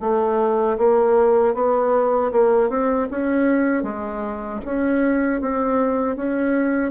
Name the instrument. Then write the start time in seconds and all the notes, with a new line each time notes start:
bassoon
0.00 A3
0.77 A#3
1.54 B3
2.31 A#3
2.69 C4
3.10 C#4
3.83 G#3
4.65 C#4
5.41 C4
6.16 C#4